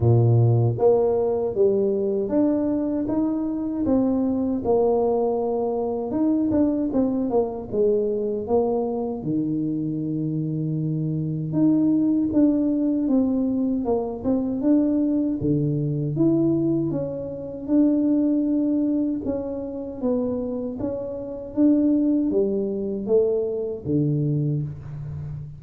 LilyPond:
\new Staff \with { instrumentName = "tuba" } { \time 4/4 \tempo 4 = 78 ais,4 ais4 g4 d'4 | dis'4 c'4 ais2 | dis'8 d'8 c'8 ais8 gis4 ais4 | dis2. dis'4 |
d'4 c'4 ais8 c'8 d'4 | d4 e'4 cis'4 d'4~ | d'4 cis'4 b4 cis'4 | d'4 g4 a4 d4 | }